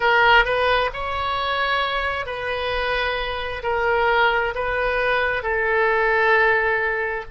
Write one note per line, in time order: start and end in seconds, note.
0.00 0.45 A#4
0.45 0.90 B4
0.93 2.26 C#5
2.26 3.62 B4
3.62 4.53 A#4
4.55 5.43 B4
5.43 7.24 A4